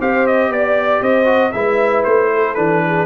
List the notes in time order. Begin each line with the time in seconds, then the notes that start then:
0.00 C4 G4 C5 F5
0.27 D#5
0.49 B3 D5
1.01 C4 C5 D#5
1.25 F#4
1.52 G#3 E4 B4 E5
2.04 A3 C5
2.34 A4
2.55 E3 D4 B4
2.86 G#4